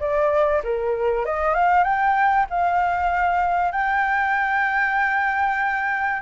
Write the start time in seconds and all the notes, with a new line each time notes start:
0.00 D5
0.64 A#4
1.26 D#5
1.55 F5
1.84 G5
2.50 F5
3.72 G5